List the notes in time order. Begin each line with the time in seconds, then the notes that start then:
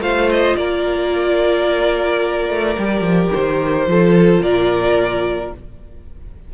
0.00 A3 F4 C5 F5
0.31 D#5
0.57 A#3 A#4 D5
2.50 A3
2.78 G3 G4
3.02 F3
3.33 D#3 C5
3.87 F3 F4 A4
4.41 A#2 A#4 D5